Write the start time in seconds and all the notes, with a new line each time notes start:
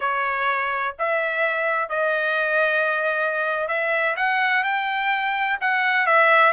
0.00 C#5
0.98 E5
1.89 D#5
3.68 E5
4.16 F#5
4.63 G5
5.60 F#5
6.06 E5